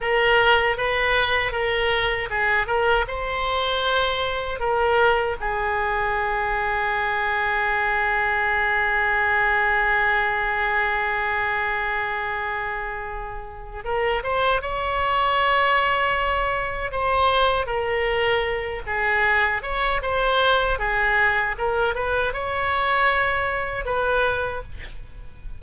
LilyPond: \new Staff \with { instrumentName = "oboe" } { \time 4/4 \tempo 4 = 78 ais'4 b'4 ais'4 gis'8 ais'8 | c''2 ais'4 gis'4~ | gis'1~ | gis'1~ |
gis'2 ais'8 c''8 cis''4~ | cis''2 c''4 ais'4~ | ais'8 gis'4 cis''8 c''4 gis'4 | ais'8 b'8 cis''2 b'4 | }